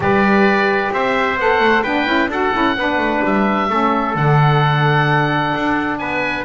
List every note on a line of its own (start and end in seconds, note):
0.00 0.89 G3
0.00 1.36 G4
0.00 0.93 B4
0.00 0.93 D5
0.92 1.37 C4
0.92 1.82 C5
0.92 1.39 E5
1.37 1.59 B3
1.37 1.85 A4
1.37 1.83 F#5
1.59 1.82 A3
1.82 2.06 B3
1.82 2.06 D4
1.82 2.29 B4
1.82 2.29 G5
2.06 2.27 C#4
2.06 2.29 E4
2.27 2.50 D4
2.27 2.52 F#4
2.27 2.76 A4
2.27 3.24 F#5
2.52 2.76 C#4
2.52 2.76 E4
2.76 2.97 B3
2.76 3.69 D4
2.76 3.69 B4
2.97 3.20 A3
3.24 3.69 G3
3.24 4.16 E5
3.69 4.15 A3
3.69 4.15 C#4
3.69 6.00 A4
4.15 5.53 D3
4.15 6.44 D4
4.15 5.98 F#5
5.54 5.99 D4
5.98 6.44 B3
5.98 6.44 B4
5.98 6.44 G#5